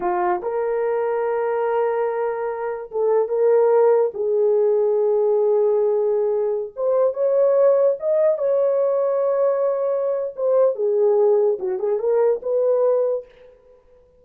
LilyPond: \new Staff \with { instrumentName = "horn" } { \time 4/4 \tempo 4 = 145 f'4 ais'2.~ | ais'2. a'4 | ais'2 gis'2~ | gis'1~ |
gis'16 c''4 cis''2 dis''8.~ | dis''16 cis''2.~ cis''8.~ | cis''4 c''4 gis'2 | fis'8 gis'8 ais'4 b'2 | }